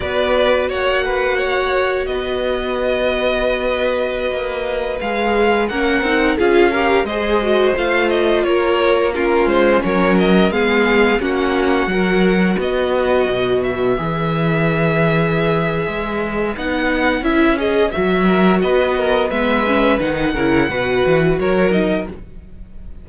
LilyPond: <<
  \new Staff \with { instrumentName = "violin" } { \time 4/4 \tempo 4 = 87 d''4 fis''2 dis''4~ | dis''2.~ dis''16 f''8.~ | f''16 fis''4 f''4 dis''4 f''8 dis''16~ | dis''16 cis''4 ais'8 c''8 cis''8 dis''8 f''8.~ |
f''16 fis''2 dis''4. e''16~ | e''1 | fis''4 e''8 dis''8 e''4 dis''4 | e''4 fis''2 cis''8 dis''8 | }
  \new Staff \with { instrumentName = "violin" } { \time 4/4 b'4 cis''8 b'8 cis''4 b'4~ | b'1~ | b'16 ais'4 gis'8 ais'8 c''4.~ c''16~ | c''16 ais'4 f'4 ais'4 gis'8.~ |
gis'16 fis'4 ais'4 b'4.~ b'16~ | b'1~ | b'2~ b'8 ais'8 b'8 ais'8 | b'4. ais'8 b'4 ais'4 | }
  \new Staff \with { instrumentName = "viola" } { \time 4/4 fis'1~ | fis'2.~ fis'16 gis'8.~ | gis'16 cis'8 dis'8 f'8 g'8 gis'8 fis'8 f'8.~ | f'4~ f'16 cis'2 b8.~ |
b16 cis'4 fis'2~ fis'8.~ | fis'16 gis'2.~ gis'8. | dis'4 e'8 gis'8 fis'2 | b8 cis'8 dis'8 e'8 fis'4. dis'8 | }
  \new Staff \with { instrumentName = "cello" } { \time 4/4 b4 ais2 b4~ | b2~ b16 ais4 gis8.~ | gis16 ais8 c'8 cis'4 gis4 a8.~ | a16 ais4. gis8 fis4 gis8.~ |
gis16 ais4 fis4 b4 b,8.~ | b,16 e2~ e8. gis4 | b4 cis'4 fis4 b4 | gis4 dis8 cis8 b,8 e8 fis4 | }
>>